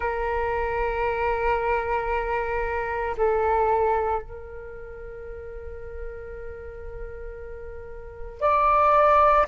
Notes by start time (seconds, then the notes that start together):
0.00 A#4
3.17 A4
4.22 A#4
8.41 D5